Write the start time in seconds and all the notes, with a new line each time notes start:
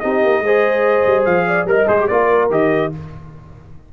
0.00 C4 D#4 G4 D#5
0.24 A#3
0.40 G#3 C5
0.46 G#4
1.06 G3
1.25 F3 F5
1.48 D5
1.65 G3 A#4 D#5
1.88 G#3 G#4 C5
1.99 G4
2.07 A#3 F4 A#4 D5
2.50 D#3 G4 D#5